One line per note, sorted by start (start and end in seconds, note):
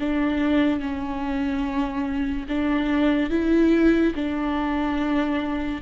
0.00 0.80 D4
0.80 2.47 C#4
2.49 3.31 D4
3.31 4.14 E4
4.16 5.82 D4